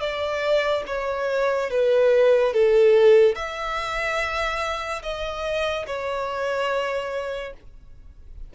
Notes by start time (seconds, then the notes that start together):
0.00 D5
0.87 C#5
1.70 B4
2.53 A4
3.35 E5
5.02 D#5
5.86 C#5